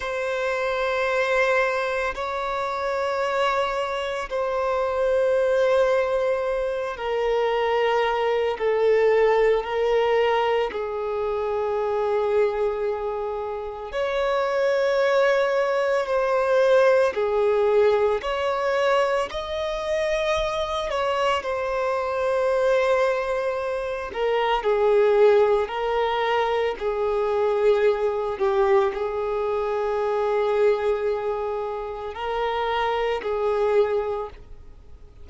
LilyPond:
\new Staff \with { instrumentName = "violin" } { \time 4/4 \tempo 4 = 56 c''2 cis''2 | c''2~ c''8 ais'4. | a'4 ais'4 gis'2~ | gis'4 cis''2 c''4 |
gis'4 cis''4 dis''4. cis''8 | c''2~ c''8 ais'8 gis'4 | ais'4 gis'4. g'8 gis'4~ | gis'2 ais'4 gis'4 | }